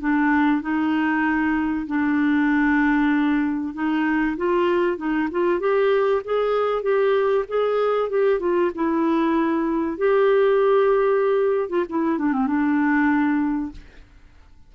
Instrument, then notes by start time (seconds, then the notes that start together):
clarinet
0.00 D4
0.62 D#4
1.87 D4
3.74 D#4
4.37 F4
4.97 D#4
5.31 F4
5.59 G4
6.24 G#4
6.82 G4
7.48 G#4
8.10 G4
8.40 F4
8.75 E4
9.98 G4
11.69 F4
11.89 E4
12.18 D4
12.33 C4
12.47 D4